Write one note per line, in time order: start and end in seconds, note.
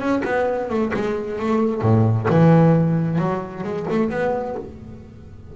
0.00 0.23 C#4
0.25 0.70 B3
0.70 0.92 A3
0.94 1.39 G#3
1.39 1.82 A3
1.82 2.27 A2
2.30 3.19 E3
3.19 3.64 F#3
3.64 3.87 G#3
3.90 4.10 A3
4.10 4.56 B3